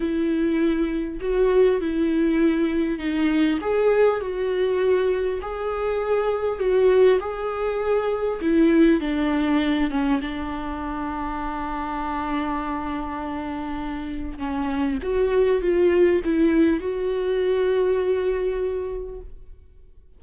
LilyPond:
\new Staff \with { instrumentName = "viola" } { \time 4/4 \tempo 4 = 100 e'2 fis'4 e'4~ | e'4 dis'4 gis'4 fis'4~ | fis'4 gis'2 fis'4 | gis'2 e'4 d'4~ |
d'8 cis'8 d'2.~ | d'1 | cis'4 fis'4 f'4 e'4 | fis'1 | }